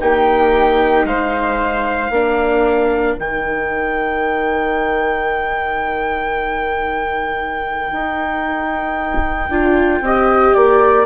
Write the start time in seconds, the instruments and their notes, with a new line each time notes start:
0.00 bassoon A#3, viola D#4, flute G4, trumpet G5
1.04 bassoon G#3, flute C5, trumpet F5
2.10 bassoon A#3, viola D4, flute A#4
3.18 bassoon D#3, viola D#4, trumpet G5
7.91 bassoon D#4
9.48 bassoon D4, viola F4
10.00 bassoon C4, viola G4, flute D#5
10.53 bassoon A#3, flute D5